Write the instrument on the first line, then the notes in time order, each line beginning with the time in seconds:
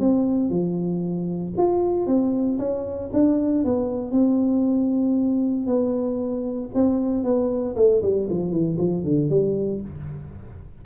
tuba
0.00 C4
0.50 F3
1.58 F4
2.07 C4
2.59 C#4
3.13 D4
3.65 B3
4.12 C4
5.67 B3
6.75 C4
7.24 B3
7.76 A3
8.02 G3
8.30 F3
8.52 E3
8.78 F3
9.04 D3
9.30 G3